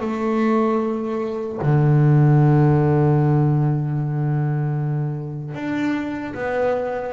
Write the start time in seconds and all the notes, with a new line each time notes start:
0.00 A3
1.62 D3
5.54 D4
6.34 B3